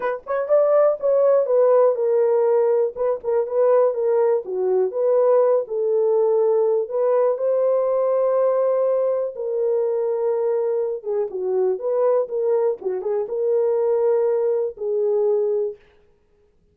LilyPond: \new Staff \with { instrumentName = "horn" } { \time 4/4 \tempo 4 = 122 b'8 cis''8 d''4 cis''4 b'4 | ais'2 b'8 ais'8 b'4 | ais'4 fis'4 b'4. a'8~ | a'2 b'4 c''4~ |
c''2. ais'4~ | ais'2~ ais'8 gis'8 fis'4 | b'4 ais'4 fis'8 gis'8 ais'4~ | ais'2 gis'2 | }